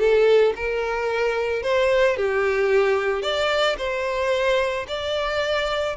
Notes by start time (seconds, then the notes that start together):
0.00 A4
0.56 A#4
1.63 C5
2.17 G4
3.23 D5
3.78 C5
4.88 D5